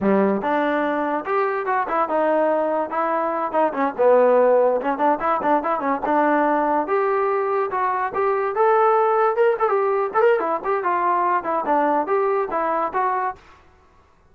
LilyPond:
\new Staff \with { instrumentName = "trombone" } { \time 4/4 \tempo 4 = 144 g4 d'2 g'4 | fis'8 e'8 dis'2 e'4~ | e'8 dis'8 cis'8 b2 cis'8 | d'8 e'8 d'8 e'8 cis'8 d'4.~ |
d'8 g'2 fis'4 g'8~ | g'8 a'2 ais'8 a'16 g'8.~ | g'16 a'16 ais'8 e'8 g'8 f'4. e'8 | d'4 g'4 e'4 fis'4 | }